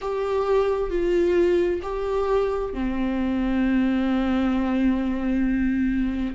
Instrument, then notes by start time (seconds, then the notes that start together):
viola
0.01 G4
0.90 F4
1.82 G4
2.73 C4